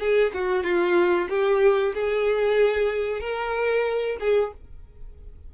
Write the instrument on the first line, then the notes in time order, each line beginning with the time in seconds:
violin
0.00 G#4
0.34 F#4
0.64 F4
1.29 G4
1.95 G#4
3.21 A#4
4.20 G#4